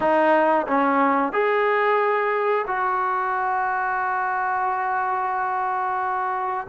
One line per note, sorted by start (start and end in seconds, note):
0.00 0.66 D#4
0.67 1.32 C#4
1.32 2.65 G#4
2.67 6.67 F#4